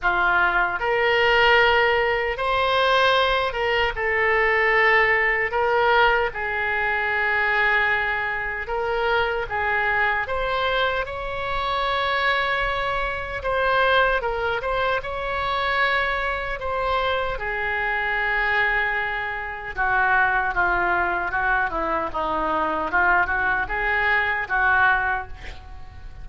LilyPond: \new Staff \with { instrumentName = "oboe" } { \time 4/4 \tempo 4 = 76 f'4 ais'2 c''4~ | c''8 ais'8 a'2 ais'4 | gis'2. ais'4 | gis'4 c''4 cis''2~ |
cis''4 c''4 ais'8 c''8 cis''4~ | cis''4 c''4 gis'2~ | gis'4 fis'4 f'4 fis'8 e'8 | dis'4 f'8 fis'8 gis'4 fis'4 | }